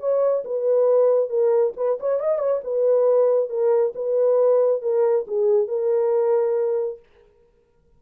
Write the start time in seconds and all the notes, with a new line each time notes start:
0.00 C#5
0.45 B4
1.30 A#4
1.77 B4
2.00 C#5
2.20 D#5
2.39 C#5
2.64 B4
3.50 A#4
3.96 B4
4.82 A#4
5.28 G#4
5.68 A#4